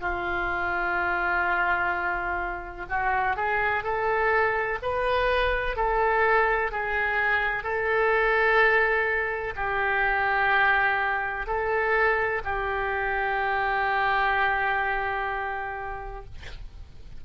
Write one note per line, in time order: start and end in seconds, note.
0.00 2.86 F4
2.89 3.36 F#4
3.36 3.83 G#4
3.83 4.78 A4
4.82 5.76 B4
5.76 6.71 A4
6.71 7.63 G#4
7.63 9.54 A4
9.56 11.46 G4
11.47 12.42 A4
12.44 16.25 G4